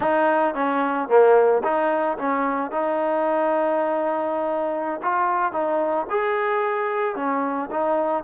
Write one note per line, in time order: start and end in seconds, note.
0.00 0.54 D#4
0.54 1.08 C#4
1.08 1.62 A#3
1.63 2.17 D#4
2.17 2.71 C#4
2.71 5.00 D#4
5.02 5.52 F4
5.52 6.06 D#4
6.09 7.15 G#4
7.15 7.69 C#4
7.71 8.23 D#4